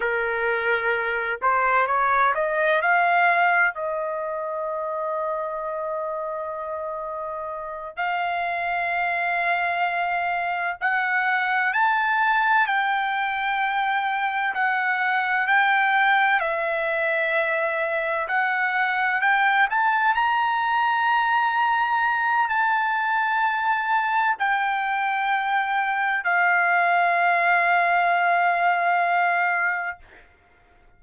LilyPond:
\new Staff \with { instrumentName = "trumpet" } { \time 4/4 \tempo 4 = 64 ais'4. c''8 cis''8 dis''8 f''4 | dis''1~ | dis''8 f''2. fis''8~ | fis''8 a''4 g''2 fis''8~ |
fis''8 g''4 e''2 fis''8~ | fis''8 g''8 a''8 ais''2~ ais''8 | a''2 g''2 | f''1 | }